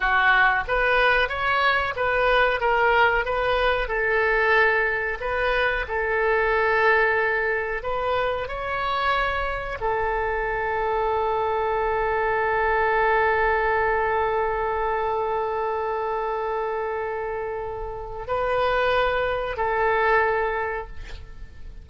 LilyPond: \new Staff \with { instrumentName = "oboe" } { \time 4/4 \tempo 4 = 92 fis'4 b'4 cis''4 b'4 | ais'4 b'4 a'2 | b'4 a'2. | b'4 cis''2 a'4~ |
a'1~ | a'1~ | a'1 | b'2 a'2 | }